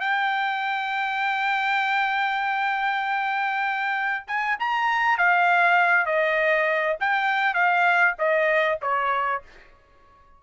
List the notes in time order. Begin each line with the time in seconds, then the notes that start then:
0.00 G5
4.27 G#5
4.59 A#5
5.18 F5
6.06 D#5
7.00 G5
7.54 F5
8.18 D#5
8.82 C#5